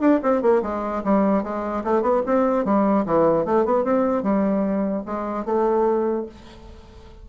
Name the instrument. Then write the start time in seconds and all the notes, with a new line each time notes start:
bassoon
0.00 D4
0.23 C4
0.42 A#3
0.62 G#3
1.04 G3
1.44 G#3
1.84 A3
2.02 B3
2.26 C4
2.65 G3
3.06 E3
3.45 A3
3.65 B3
3.84 C4
4.23 G3
5.06 G#3
5.45 A3